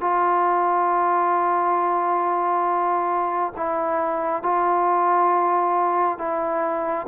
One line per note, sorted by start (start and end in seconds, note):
0.00 3.53 F4
3.57 4.43 E4
4.43 6.18 F4
6.18 7.07 E4